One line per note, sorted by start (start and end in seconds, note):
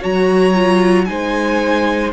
0.00 1.09 F#3
0.00 0.54 F#4
0.00 1.05 C#5
0.00 1.05 A#5
0.55 1.06 F4
1.05 2.13 G#3
1.05 2.12 D#4
1.05 2.13 C5
1.05 2.10 G#5